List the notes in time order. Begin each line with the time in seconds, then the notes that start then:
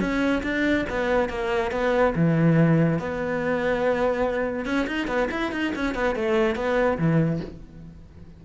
0.00 C#4
0.43 D4
0.89 B3
1.29 A#3
1.71 B3
2.15 E3
2.99 B3
4.65 C#4
4.87 D#4
5.07 B3
5.31 E4
5.52 D#4
5.75 C#4
5.94 B3
6.15 A3
6.55 B3
6.98 E3